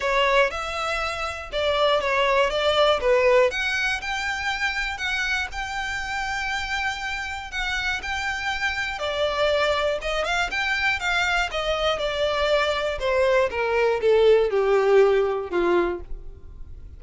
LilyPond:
\new Staff \with { instrumentName = "violin" } { \time 4/4 \tempo 4 = 120 cis''4 e''2 d''4 | cis''4 d''4 b'4 fis''4 | g''2 fis''4 g''4~ | g''2. fis''4 |
g''2 d''2 | dis''8 f''8 g''4 f''4 dis''4 | d''2 c''4 ais'4 | a'4 g'2 f'4 | }